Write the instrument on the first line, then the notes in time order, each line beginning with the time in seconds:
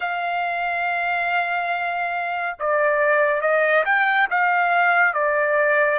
trumpet
0.00 F5
2.59 D5
3.41 D#5
3.85 G5
4.30 F5
5.13 D5